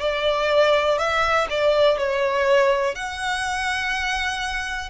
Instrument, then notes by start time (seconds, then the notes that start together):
violin
0.00 D5
0.98 E5
1.49 D5
1.98 C#5
2.95 F#5